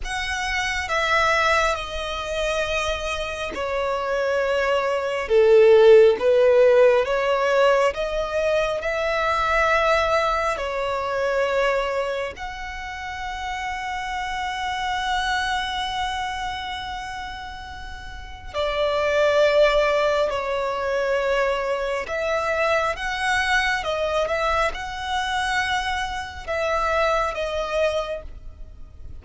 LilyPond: \new Staff \with { instrumentName = "violin" } { \time 4/4 \tempo 4 = 68 fis''4 e''4 dis''2 | cis''2 a'4 b'4 | cis''4 dis''4 e''2 | cis''2 fis''2~ |
fis''1~ | fis''4 d''2 cis''4~ | cis''4 e''4 fis''4 dis''8 e''8 | fis''2 e''4 dis''4 | }